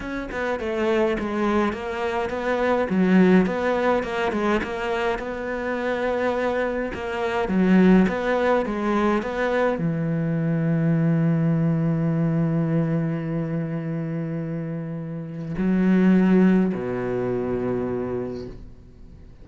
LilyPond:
\new Staff \with { instrumentName = "cello" } { \time 4/4 \tempo 4 = 104 cis'8 b8 a4 gis4 ais4 | b4 fis4 b4 ais8 gis8 | ais4 b2. | ais4 fis4 b4 gis4 |
b4 e2.~ | e1~ | e2. fis4~ | fis4 b,2. | }